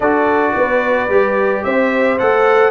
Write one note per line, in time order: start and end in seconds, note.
0.00 0.54 D4
0.00 1.09 F#4
0.00 0.54 A4
0.00 1.63 D5
0.56 1.08 B3
0.56 1.65 B4
1.08 1.63 G3
1.08 2.18 G4
1.63 2.19 C4
1.63 2.70 C5
1.63 2.18 E5
2.18 2.70 A3
2.18 2.70 A4
2.18 2.70 F#5